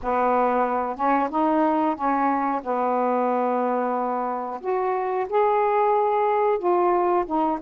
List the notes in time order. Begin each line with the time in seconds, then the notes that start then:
0.02 B3
0.96 C#4
1.29 D#4
1.95 C#4
2.62 B3
4.60 F#4
5.29 G#4
6.58 F4
7.26 D#4